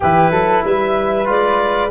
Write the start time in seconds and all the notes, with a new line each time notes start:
0.00 E3 E4 G4 B4
0.31 F#3 A4
0.64 G3 B4 E5
1.25 G#3 F4 D5